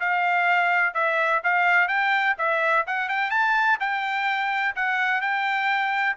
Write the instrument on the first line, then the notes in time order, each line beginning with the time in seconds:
trumpet
0.00 F5
0.94 E5
1.44 F5
1.88 G5
2.38 E5
2.87 F#5
3.09 G5
3.31 A5
3.80 G5
4.76 F#5
5.21 G5